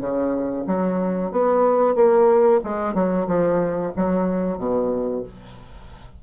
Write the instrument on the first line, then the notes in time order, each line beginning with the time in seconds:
bassoon
0.00 C#3
0.66 F#3
1.31 B3
1.95 A#3
2.63 G#3
2.94 F#3
3.27 F3
3.96 F#3
4.57 B2